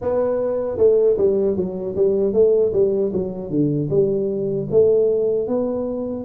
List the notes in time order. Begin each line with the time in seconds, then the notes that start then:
0.01 B3
0.77 A3
1.17 G3
1.56 F#3
1.96 G3
2.33 A3
2.73 G3
3.12 F#3
3.50 D3
3.90 G3
4.70 A3
5.47 B3